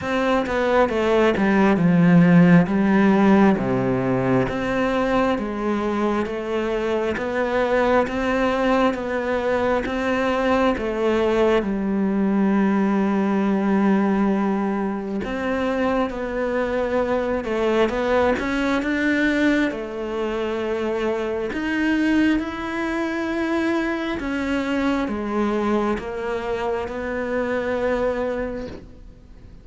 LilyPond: \new Staff \with { instrumentName = "cello" } { \time 4/4 \tempo 4 = 67 c'8 b8 a8 g8 f4 g4 | c4 c'4 gis4 a4 | b4 c'4 b4 c'4 | a4 g2.~ |
g4 c'4 b4. a8 | b8 cis'8 d'4 a2 | dis'4 e'2 cis'4 | gis4 ais4 b2 | }